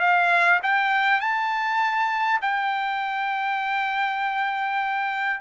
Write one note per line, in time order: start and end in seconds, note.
0.00 0.60 F5
0.63 1.20 G5
1.20 2.40 A5
2.42 5.41 G5